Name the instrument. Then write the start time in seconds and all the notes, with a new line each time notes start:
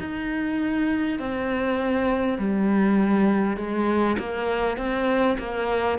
cello
0.00 D#4
1.19 C4
2.38 G3
3.57 G#3
4.19 A#3
4.77 C4
5.39 A#3